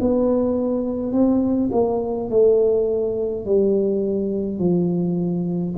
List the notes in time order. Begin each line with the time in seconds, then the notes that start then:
0.00 B3
1.12 C4
1.72 A#3
2.30 A3
3.45 G3
4.58 F3